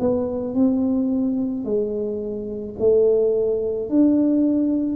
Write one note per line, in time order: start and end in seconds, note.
0.00 0.55 B3
0.55 1.65 C4
1.65 2.76 G#3
2.79 3.89 A3
3.89 4.96 D4